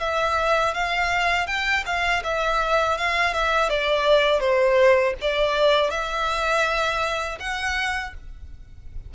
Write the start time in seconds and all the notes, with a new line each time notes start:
0.00 E5
0.74 F5
1.47 G5
1.86 F5
2.24 E5
2.98 F5
3.34 E5
3.69 D5
4.40 C5
5.21 D5
5.91 E5
7.40 F#5